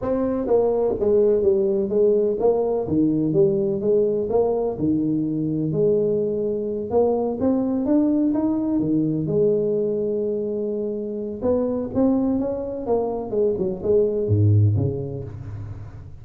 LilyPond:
\new Staff \with { instrumentName = "tuba" } { \time 4/4 \tempo 4 = 126 c'4 ais4 gis4 g4 | gis4 ais4 dis4 g4 | gis4 ais4 dis2 | gis2~ gis8 ais4 c'8~ |
c'8 d'4 dis'4 dis4 gis8~ | gis1 | b4 c'4 cis'4 ais4 | gis8 fis8 gis4 gis,4 cis4 | }